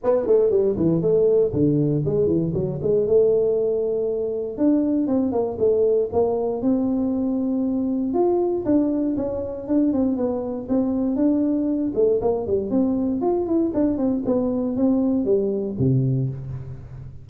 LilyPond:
\new Staff \with { instrumentName = "tuba" } { \time 4/4 \tempo 4 = 118 b8 a8 g8 e8 a4 d4 | gis8 e8 fis8 gis8 a2~ | a4 d'4 c'8 ais8 a4 | ais4 c'2. |
f'4 d'4 cis'4 d'8 c'8 | b4 c'4 d'4. a8 | ais8 g8 c'4 f'8 e'8 d'8 c'8 | b4 c'4 g4 c4 | }